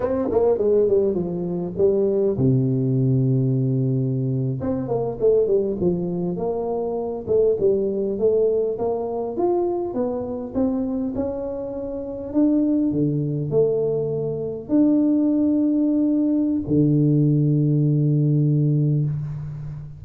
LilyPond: \new Staff \with { instrumentName = "tuba" } { \time 4/4 \tempo 4 = 101 c'8 ais8 gis8 g8 f4 g4 | c2.~ c8. c'16~ | c'16 ais8 a8 g8 f4 ais4~ ais16~ | ais16 a8 g4 a4 ais4 f'16~ |
f'8. b4 c'4 cis'4~ cis'16~ | cis'8. d'4 d4 a4~ a16~ | a8. d'2.~ d'16 | d1 | }